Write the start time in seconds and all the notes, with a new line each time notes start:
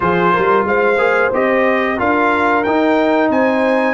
0.00 F3 F4 G#4 C5
0.33 G3 A#4
0.65 G#3 C5 F5
0.98 A#3 G#4
1.33 C4 G4 D#5
1.97 D4 F4 A#4 F5
2.63 D#4 G5
3.29 C4 C5 G#5